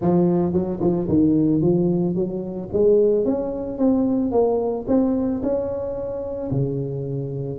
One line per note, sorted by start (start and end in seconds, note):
0.01 0.52 F3
0.52 0.79 F#3
0.80 1.07 F3
1.08 1.61 D#3
1.61 2.15 F3
2.15 2.69 F#3
2.72 3.25 G#3
3.25 3.78 C#4
3.78 4.31 C4
4.31 4.85 A#3
4.87 5.41 C4
5.42 6.50 C#4
6.51 7.58 C#3